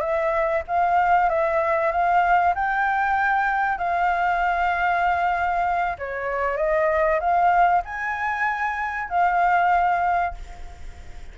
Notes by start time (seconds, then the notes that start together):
0.00 E5
0.67 F5
1.29 E5
1.91 F5
2.55 G5
3.78 F5
5.98 C#5
6.57 D#5
7.20 F5
7.84 G#5
9.09 F5